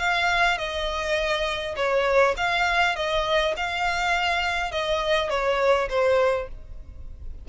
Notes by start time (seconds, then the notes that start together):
0.00 F5
0.58 D#5
1.76 C#5
2.37 F5
2.96 D#5
3.57 F5
4.72 D#5
5.30 C#5
5.90 C5